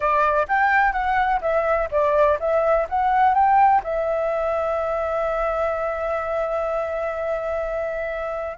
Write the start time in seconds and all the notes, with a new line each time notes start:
0.00 D5
0.47 G5
0.92 F#5
1.41 E5
1.91 D5
2.39 E5
2.89 F#5
3.34 G5
3.83 E5